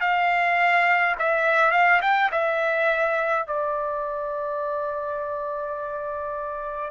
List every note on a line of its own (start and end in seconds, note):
0.00 1.15 F5
1.19 1.71 E5
1.71 2.00 F5
2.01 2.30 G5
2.31 3.47 E5
3.47 6.90 D5